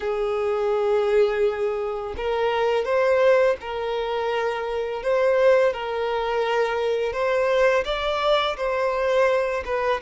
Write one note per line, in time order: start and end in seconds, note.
0.00 2.14 G#4
2.16 2.84 A#4
2.84 3.56 C5
3.60 5.02 A#4
5.02 5.73 C5
5.73 7.12 A#4
7.12 7.84 C5
7.84 8.56 D5
8.56 9.63 C5
9.65 10.01 B4